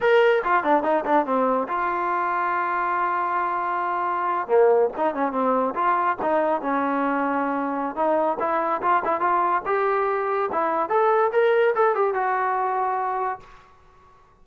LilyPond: \new Staff \with { instrumentName = "trombone" } { \time 4/4 \tempo 4 = 143 ais'4 f'8 d'8 dis'8 d'8 c'4 | f'1~ | f'2~ f'8. ais4 dis'16~ | dis'16 cis'8 c'4 f'4 dis'4 cis'16~ |
cis'2. dis'4 | e'4 f'8 e'8 f'4 g'4~ | g'4 e'4 a'4 ais'4 | a'8 g'8 fis'2. | }